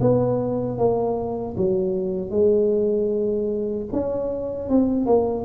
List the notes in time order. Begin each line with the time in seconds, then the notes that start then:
0.00 B3
0.78 A#3
1.57 F#3
2.30 G#3
3.92 C#4
4.69 C4
5.06 A#3